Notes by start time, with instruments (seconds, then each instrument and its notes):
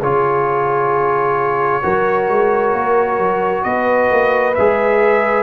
0.00 tuba C#3, trombone F4, horn G#4, trumpet C#5
1.82 tuba F#3, trombone F#4, horn A#4
2.29 tuba G#3
2.73 tuba A#3
3.19 tuba F#3
3.64 tuba B3, horn B4, trumpet D#5
4.11 tuba A#3
4.55 tuba G#3, trombone G#4, trumpet E5